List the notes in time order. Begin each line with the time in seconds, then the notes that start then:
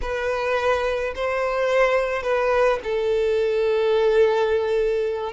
0.01 B4
1.15 C5
2.23 B4
2.83 A4